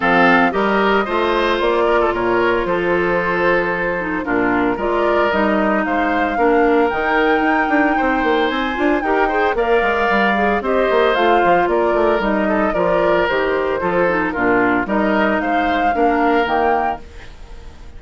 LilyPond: <<
  \new Staff \with { instrumentName = "flute" } { \time 4/4 \tempo 4 = 113 f''4 dis''2 d''4 | cis''4 c''2. | ais'4 d''4 dis''4 f''4~ | f''4 g''2. |
gis''4 g''4 f''2 | dis''4 f''4 d''4 dis''4 | d''4 c''2 ais'4 | dis''4 f''2 g''4 | }
  \new Staff \with { instrumentName = "oboe" } { \time 4/4 a'4 ais'4 c''4. ais'16 a'16 | ais'4 a'2. | f'4 ais'2 c''4 | ais'2. c''4~ |
c''4 ais'8 c''8 d''2 | c''2 ais'4. a'8 | ais'2 a'4 f'4 | ais'4 c''4 ais'2 | }
  \new Staff \with { instrumentName = "clarinet" } { \time 4/4 c'4 g'4 f'2~ | f'2.~ f'8 dis'8 | d'4 f'4 dis'2 | d'4 dis'2.~ |
dis'8 f'8 g'8 gis'8 ais'4. gis'8 | g'4 f'2 dis'4 | f'4 g'4 f'8 dis'8 d'4 | dis'2 d'4 ais4 | }
  \new Staff \with { instrumentName = "bassoon" } { \time 4/4 f4 g4 a4 ais4 | ais,4 f2. | ais,4 gis4 g4 gis4 | ais4 dis4 dis'8 d'8 c'8 ais8 |
c'8 d'8 dis'4 ais8 gis8 g4 | c'8 ais8 a8 f8 ais8 a8 g4 | f4 dis4 f4 ais,4 | g4 gis4 ais4 dis4 | }
>>